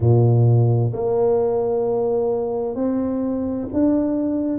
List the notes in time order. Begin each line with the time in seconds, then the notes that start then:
0.00 A#2
0.93 A#3
2.74 C4
3.73 D4